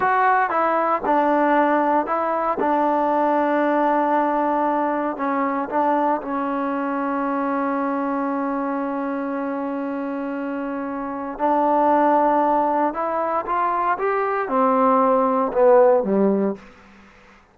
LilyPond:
\new Staff \with { instrumentName = "trombone" } { \time 4/4 \tempo 4 = 116 fis'4 e'4 d'2 | e'4 d'2.~ | d'2 cis'4 d'4 | cis'1~ |
cis'1~ | cis'2 d'2~ | d'4 e'4 f'4 g'4 | c'2 b4 g4 | }